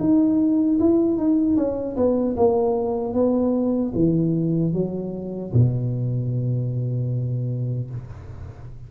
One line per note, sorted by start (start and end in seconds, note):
0.00 0.79 D#4
0.80 1.17 E4
1.17 1.57 D#4
1.57 1.97 C#4
1.97 2.36 B3
2.37 3.14 A#3
3.14 3.93 B3
3.95 4.74 E3
4.74 5.53 F#3
5.53 7.90 B2